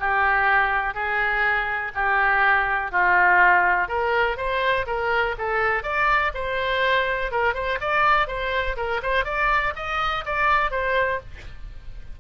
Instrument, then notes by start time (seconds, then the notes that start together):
oboe
0.00 G4
0.94 G#4
1.95 G4
2.92 F4
3.88 A#4
4.37 C5
4.87 A#4
5.39 A4
5.83 D5
6.34 C5
7.32 A#4
7.55 C5
7.81 D5
8.28 C5
8.77 A#4
9.03 C5
9.25 D5
9.76 D#5
10.26 D5
10.71 C5